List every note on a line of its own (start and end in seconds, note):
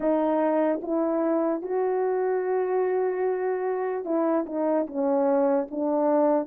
0.00 0.80 D#4
0.81 1.62 E4
1.62 4.04 F#4
4.04 4.45 E4
4.46 4.86 D#4
4.86 5.68 C#4
5.71 6.47 D4